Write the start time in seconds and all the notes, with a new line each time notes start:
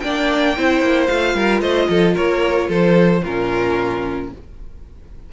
0.00 A#3 D4 D5 G5
0.56 C4 E4 C5
0.81 A#3
1.06 A3 F4 F5
1.34 G3 A#4
1.61 A3 C5 D#5
1.88 F3 A4
2.14 A#3 A#4 C#5
2.68 F3 A4 C5
3.22 A#2 C#4 F4 A#4